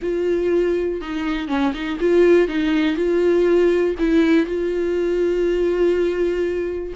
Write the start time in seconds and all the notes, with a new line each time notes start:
0.02 F4
1.01 D#4
1.48 C#4
1.73 D#4
1.99 F4
2.48 D#4
2.95 F4
3.98 E4
4.45 F4